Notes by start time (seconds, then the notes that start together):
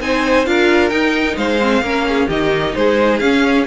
0.00 C4 D#4 C5 G#5
0.45 D4 F4 A#4 F5
0.89 D#4 G5
1.36 G#3 C5 F5
1.59 C4
1.81 A#3 C#4 A#4
2.08 G#4
2.27 D#3 D#4 G4 D#5
2.74 G#3 G#4 C5
3.18 C#4 F5